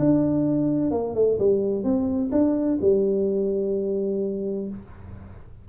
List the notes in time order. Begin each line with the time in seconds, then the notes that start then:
0.00 D4
0.92 A#3
1.15 A3
1.40 G3
1.84 C4
2.32 D4
2.82 G3